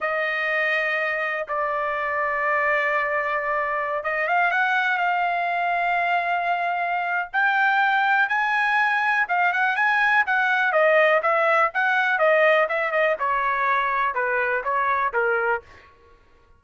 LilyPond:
\new Staff \with { instrumentName = "trumpet" } { \time 4/4 \tempo 4 = 123 dis''2. d''4~ | d''1~ | d''16 dis''8 f''8 fis''4 f''4.~ f''16~ | f''2. g''4~ |
g''4 gis''2 f''8 fis''8 | gis''4 fis''4 dis''4 e''4 | fis''4 dis''4 e''8 dis''8 cis''4~ | cis''4 b'4 cis''4 ais'4 | }